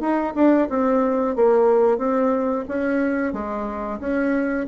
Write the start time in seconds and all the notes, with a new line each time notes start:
0.00 D#4
0.35 D4
0.69 C4
1.36 A#3
1.98 C4
2.68 C#4
3.33 G#3
4.00 C#4